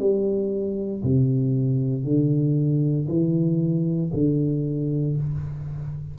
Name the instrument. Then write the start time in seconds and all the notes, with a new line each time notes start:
tuba
0.00 G3
1.03 C3
2.04 D3
3.08 E3
4.14 D3